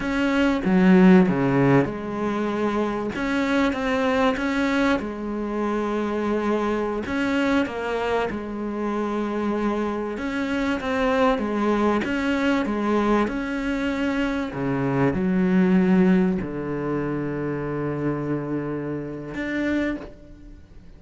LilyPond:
\new Staff \with { instrumentName = "cello" } { \time 4/4 \tempo 4 = 96 cis'4 fis4 cis4 gis4~ | gis4 cis'4 c'4 cis'4 | gis2.~ gis16 cis'8.~ | cis'16 ais4 gis2~ gis8.~ |
gis16 cis'4 c'4 gis4 cis'8.~ | cis'16 gis4 cis'2 cis8.~ | cis16 fis2 d4.~ d16~ | d2. d'4 | }